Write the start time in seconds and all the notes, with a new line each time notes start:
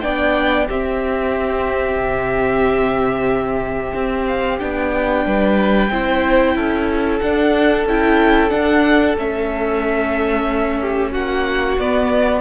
0.00 B3 D4 D5 G5
0.67 C4 G4 E5
1.96 C3
3.94 C4
4.26 F5
4.59 B3 D4 G5
5.25 G3 B4
5.90 C4 E4 C5
6.55 C#4 A4
7.20 D4 F#5
7.85 C#4 E4 G5
8.49 D4 F#5
9.17 A3 C#4 E5
10.80 G4
11.11 A#3 F#4 F#5
11.77 B3 D5